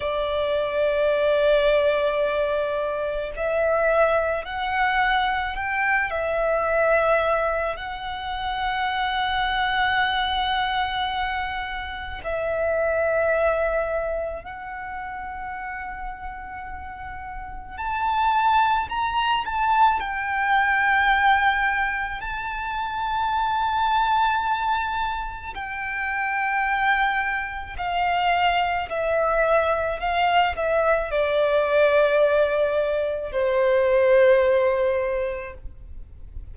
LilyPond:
\new Staff \with { instrumentName = "violin" } { \time 4/4 \tempo 4 = 54 d''2. e''4 | fis''4 g''8 e''4. fis''4~ | fis''2. e''4~ | e''4 fis''2. |
a''4 ais''8 a''8 g''2 | a''2. g''4~ | g''4 f''4 e''4 f''8 e''8 | d''2 c''2 | }